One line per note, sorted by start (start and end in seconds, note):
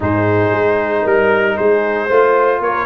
0.00 0.49 G#2
0.00 2.09 D#4
0.00 1.02 G#4
0.00 1.07 C5
0.52 1.04 G#3
1.02 1.57 G3
1.02 1.54 A#4
1.02 1.57 A#4
1.57 2.09 G#3
1.57 2.06 G#4
1.57 2.61 C5
2.06 2.60 A3
2.06 2.86 F4
2.06 2.58 C5
2.60 2.86 A#3
2.60 2.86 A#4
2.60 2.86 C#5